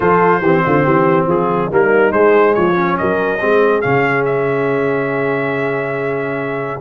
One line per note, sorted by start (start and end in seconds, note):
0.00 0.41 F3
0.00 0.42 F4
0.00 0.41 A4
0.00 1.26 C5
0.41 0.62 E3
0.41 1.71 C4
0.41 0.62 G4
0.65 0.86 D3
0.65 0.84 F4
0.84 1.26 E3
0.84 1.26 G4
1.26 1.69 F3
1.26 1.69 F4
1.26 1.71 G#4
1.70 2.13 G3
1.70 2.12 A#3
1.70 2.56 D#4
1.70 2.12 A#4
2.12 2.74 G#3
2.12 2.55 G#3
2.12 2.54 C5
2.54 2.99 F3
2.54 2.99 F4
2.54 2.97 C#5
2.74 3.38 C#4
2.97 3.41 F#3
2.97 3.41 A#4
2.97 3.81 D#5
3.40 3.84 G#3
3.40 3.82 C4
3.40 6.80 G#4
3.81 6.80 C#3
3.81 6.80 C#4
3.81 4.23 F5
4.25 6.80 E5